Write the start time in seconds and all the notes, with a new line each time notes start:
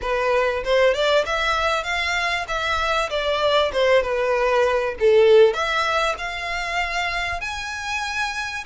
0.01 B4
0.64 C5
0.93 D5
1.25 E5
1.83 F5
2.47 E5
3.09 D5
3.73 C5
4.02 B4
4.99 A4
5.53 E5
6.18 F5
7.40 G#5